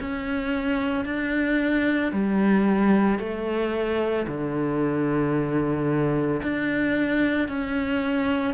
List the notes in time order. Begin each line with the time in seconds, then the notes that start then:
0.00 C#4
1.05 D4
2.12 G3
3.19 A3
4.27 D3
6.42 D4
7.48 C#4